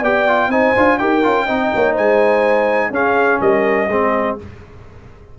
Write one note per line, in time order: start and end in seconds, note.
0.00 0.48 B3
0.00 0.28 G4
0.00 0.48 D5
0.00 0.51 G5
0.28 0.51 F4
0.48 0.72 C4
0.48 0.76 D#4
0.48 1.00 C5
0.48 0.98 G#5
0.77 1.01 D4
0.77 1.00 F4
0.98 1.25 D#4
0.98 1.23 G4
0.98 1.46 A#4
0.98 1.95 G5
1.23 1.49 C#4
1.23 1.47 F4
1.46 1.73 C4
1.46 2.93 D#4
1.46 1.70 D#5
1.74 1.98 A#3
1.74 1.93 C#5
1.93 2.90 G#3
1.93 2.90 C5
1.93 2.93 G#5
2.90 3.39 C#4
2.90 3.89 C#4
2.90 3.41 G#4
2.90 3.41 F5
3.41 3.89 G3
3.41 3.89 A#4
3.41 4.38 D#5
3.89 4.37 G#3
3.89 4.39 C4
3.89 4.38 G#4